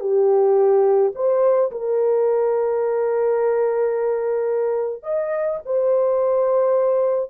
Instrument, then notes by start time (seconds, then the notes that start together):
horn
0.00 G4
1.15 C5
1.71 A#4
5.03 D#5
5.65 C5